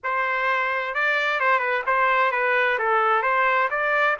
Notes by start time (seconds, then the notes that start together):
0.03 C5
0.94 D5
1.40 C5
1.59 B4
1.86 C5
2.31 B4
2.79 A4
3.22 C5
3.70 D5